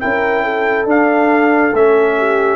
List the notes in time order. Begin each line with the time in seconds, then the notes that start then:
0.00 C#4 E4 A#4 G5
0.44 A4
0.85 D4 F5
1.73 A3 C#4 E5
2.17 G4